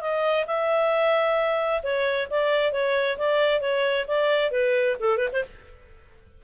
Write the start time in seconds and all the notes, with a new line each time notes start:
0.00 D#5
0.46 E5
1.83 C#5
2.30 D5
2.72 C#5
3.17 D5
3.60 C#5
4.07 D5
4.51 B4
5.00 A4
5.17 B4
5.32 C5